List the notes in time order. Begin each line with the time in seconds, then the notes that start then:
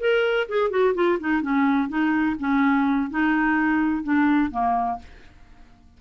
0.00 A#4
0.49 G#4
0.71 F#4
0.95 F4
1.20 D#4
1.42 C#4
1.89 D#4
2.40 C#4
3.11 D#4
4.04 D4
4.51 A#3